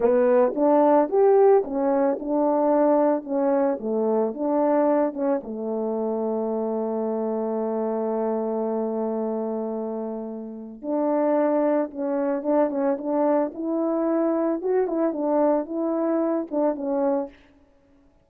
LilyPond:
\new Staff \with { instrumentName = "horn" } { \time 4/4 \tempo 4 = 111 b4 d'4 g'4 cis'4 | d'2 cis'4 a4 | d'4. cis'8 a2~ | a1~ |
a1 | d'2 cis'4 d'8 cis'8 | d'4 e'2 fis'8 e'8 | d'4 e'4. d'8 cis'4 | }